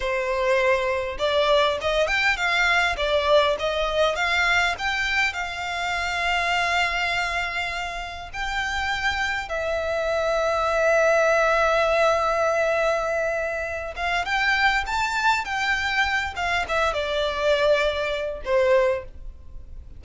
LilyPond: \new Staff \with { instrumentName = "violin" } { \time 4/4 \tempo 4 = 101 c''2 d''4 dis''8 g''8 | f''4 d''4 dis''4 f''4 | g''4 f''2.~ | f''2 g''2 |
e''1~ | e''2.~ e''8 f''8 | g''4 a''4 g''4. f''8 | e''8 d''2~ d''8 c''4 | }